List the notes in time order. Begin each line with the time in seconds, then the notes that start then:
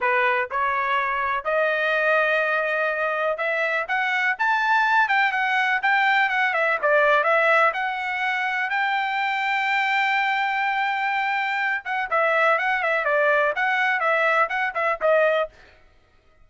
0.00 B4
0.50 C#5
1.44 D#5
3.37 E5
3.88 F#5
4.39 A5
5.08 G5
5.32 F#5
5.82 G5
6.29 F#5
6.53 E5
6.82 D5
7.23 E5
7.73 F#5
8.70 G5
11.85 F#5
12.10 E5
12.58 F#5
12.82 E5
13.04 D5
13.55 F#5
13.99 E5
14.49 F#5
14.74 E5
15.01 D#5